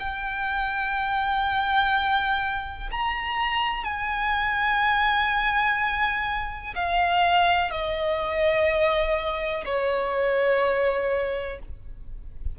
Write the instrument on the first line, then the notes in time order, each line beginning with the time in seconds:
violin
0.00 G5
2.92 A#5
3.84 G#5
6.76 F5
7.71 D#5
9.66 C#5